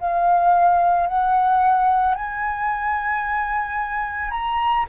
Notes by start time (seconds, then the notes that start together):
0.00 F5
1.07 F#5
2.15 G#5
4.31 A#5